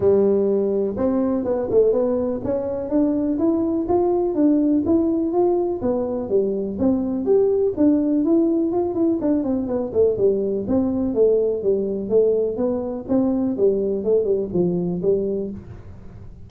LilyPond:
\new Staff \with { instrumentName = "tuba" } { \time 4/4 \tempo 4 = 124 g2 c'4 b8 a8 | b4 cis'4 d'4 e'4 | f'4 d'4 e'4 f'4 | b4 g4 c'4 g'4 |
d'4 e'4 f'8 e'8 d'8 c'8 | b8 a8 g4 c'4 a4 | g4 a4 b4 c'4 | g4 a8 g8 f4 g4 | }